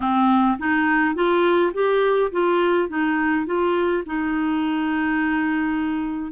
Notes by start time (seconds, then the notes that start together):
0.00 C4
0.58 D#4
1.14 F4
1.73 G4
2.31 F4
2.88 D#4
3.46 F4
4.05 D#4